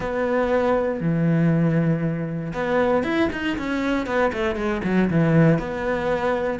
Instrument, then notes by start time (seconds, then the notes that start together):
cello
0.00 B3
1.00 E3
2.53 B3
3.03 E4
3.32 D#4
3.58 C#4
4.06 B3
4.32 A3
4.55 G#3
4.84 F#3
5.10 E3
5.58 B3